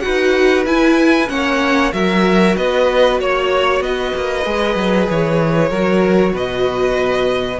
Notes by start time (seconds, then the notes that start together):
0.00 D#4 F#4 B4 F#5
0.66 E4 G#5
1.28 A#3 C#4 C#5 F#5
1.92 F#3 F#4 A#4 E5
2.56 B3 B4 D#5
3.19 A#3 C#5
3.80 B3 B4 D#5
4.16 A#3
4.45 G#3 G#4
4.76 F#3
5.10 E3 C#5
5.69 F#3 F#4 A#4
6.32 B2 B4 D#5